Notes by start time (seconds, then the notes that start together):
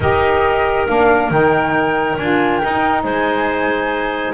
0.00 D#4 G4 A#4 D#5
0.87 A#3 D4 F5
1.30 D#3 D#4 G5
2.16 D4 F4 G#5
2.58 D#4 G5
3.03 G#3 C5 G#5